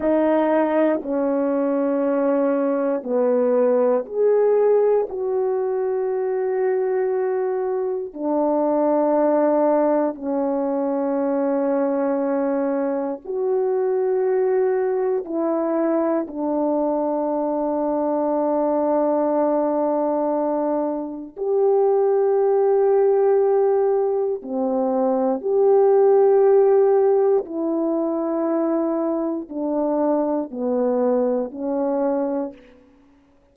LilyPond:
\new Staff \with { instrumentName = "horn" } { \time 4/4 \tempo 4 = 59 dis'4 cis'2 b4 | gis'4 fis'2. | d'2 cis'2~ | cis'4 fis'2 e'4 |
d'1~ | d'4 g'2. | c'4 g'2 e'4~ | e'4 d'4 b4 cis'4 | }